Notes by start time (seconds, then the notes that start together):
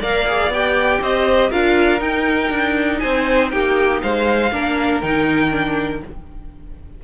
0.00 A#3 A#4 D5 F5
0.27 G#4
0.49 B3 G4 G5
1.01 C4 C5 D#5
1.50 D4 F4 A#4 F5
1.99 D#4 G5
2.51 D4
2.99 C4 C5 G#5
3.51 A#3 G4 G5
4.03 G#3 C5 F5
4.52 A#3 D4 A#4
5.01 D#3 D#4 G5
5.51 D4